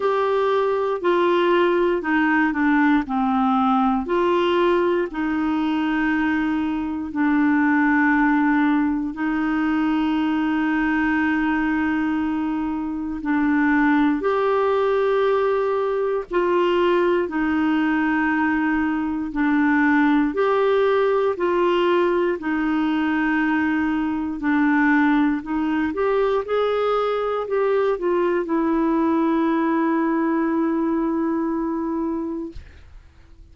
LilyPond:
\new Staff \with { instrumentName = "clarinet" } { \time 4/4 \tempo 4 = 59 g'4 f'4 dis'8 d'8 c'4 | f'4 dis'2 d'4~ | d'4 dis'2.~ | dis'4 d'4 g'2 |
f'4 dis'2 d'4 | g'4 f'4 dis'2 | d'4 dis'8 g'8 gis'4 g'8 f'8 | e'1 | }